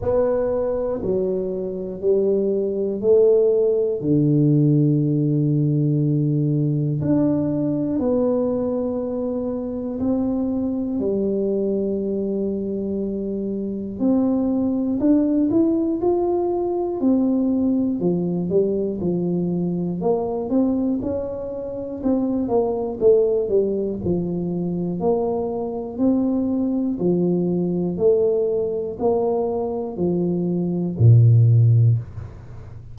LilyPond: \new Staff \with { instrumentName = "tuba" } { \time 4/4 \tempo 4 = 60 b4 fis4 g4 a4 | d2. d'4 | b2 c'4 g4~ | g2 c'4 d'8 e'8 |
f'4 c'4 f8 g8 f4 | ais8 c'8 cis'4 c'8 ais8 a8 g8 | f4 ais4 c'4 f4 | a4 ais4 f4 ais,4 | }